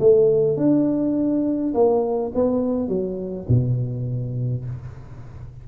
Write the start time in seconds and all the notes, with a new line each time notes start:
0.00 A3
0.57 D4
1.74 A#3
2.35 B3
2.88 F#3
3.48 B2